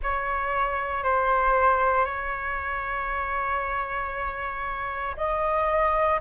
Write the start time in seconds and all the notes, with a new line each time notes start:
0.03 C#5
1.03 C5
2.05 C#5
5.17 D#5